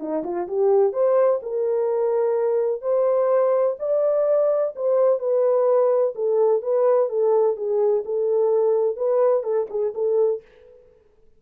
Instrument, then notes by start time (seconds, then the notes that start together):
horn
0.00 D#4
0.24 F4
0.48 G4
0.93 C5
1.43 A#4
2.82 C5
3.80 D5
4.76 C5
5.19 B4
6.16 A4
6.63 B4
7.10 A4
7.57 G#4
8.06 A4
8.97 B4
9.44 A4
9.71 G#4
9.95 A4